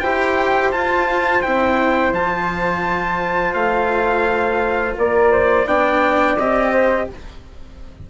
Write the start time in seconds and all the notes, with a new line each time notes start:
0.00 E4 G4 C5 G5
0.72 F4 A5
1.42 C4 E4 G5
2.13 F3 F4 A5
3.54 A3 F5
4.98 A#3 A#4 D5
5.31 C5
5.66 B3 D4 D5 G5
6.38 C4 G4 D#5
6.72 C5